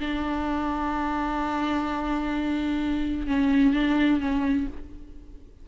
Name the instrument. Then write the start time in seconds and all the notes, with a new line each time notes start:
viola
0.00 D4
3.27 C#4
3.74 D4
4.21 C#4